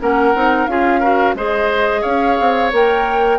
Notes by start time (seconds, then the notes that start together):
0.00 A#3 C#4 A#4 F#5
0.35 C4 D#4
0.67 C#4 F4 G#4 F5
1.00 F#4 A#4
1.35 G#3 G#4 C5 D#5
2.01 C#4 C#5 F5
2.40 C4
2.72 A#3 A#4 G5